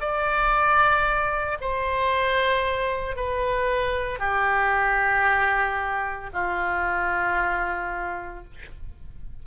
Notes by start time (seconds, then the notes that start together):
0.00 D5
1.61 C5
3.16 B4
4.19 G4
6.33 F4